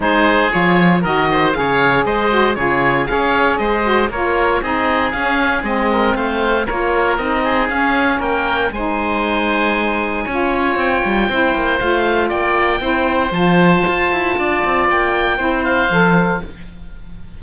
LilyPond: <<
  \new Staff \with { instrumentName = "oboe" } { \time 4/4 \tempo 4 = 117 c''4 cis''4 dis''4 f''4 | dis''4 cis''4 f''4 dis''4 | cis''4 dis''4 f''4 dis''4 | f''4 cis''4 dis''4 f''4 |
g''4 gis''2.~ | gis''4 g''2 f''4 | g''2 a''2~ | a''4 g''4. f''4. | }
  \new Staff \with { instrumentName = "oboe" } { \time 4/4 gis'2 ais'8 c''8 cis''4 | c''4 gis'4 cis''4 c''4 | ais'4 gis'2~ gis'8 ais'8 | c''4 ais'4. gis'4. |
ais'4 c''2. | cis''2 c''2 | d''4 c''2. | d''2 c''2 | }
  \new Staff \with { instrumentName = "saxophone" } { \time 4/4 dis'4 f'4 fis'4 gis'4~ | gis'8 fis'8 f'4 gis'4. fis'8 | f'4 dis'4 cis'4 c'4~ | c'4 f'4 dis'4 cis'4~ |
cis'4 dis'2. | f'2 e'4 f'4~ | f'4 e'4 f'2~ | f'2 e'4 a'4 | }
  \new Staff \with { instrumentName = "cello" } { \time 4/4 gis4 f4 dis4 cis4 | gis4 cis4 cis'4 gis4 | ais4 c'4 cis'4 gis4 | a4 ais4 c'4 cis'4 |
ais4 gis2. | cis'4 c'8 g8 c'8 ais8 a4 | ais4 c'4 f4 f'8 e'8 | d'8 c'8 ais4 c'4 f4 | }
>>